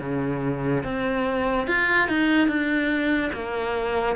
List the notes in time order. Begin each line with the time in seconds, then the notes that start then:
0.00 C#3
0.84 C4
1.67 F4
2.08 D#4
2.48 D4
3.33 A#3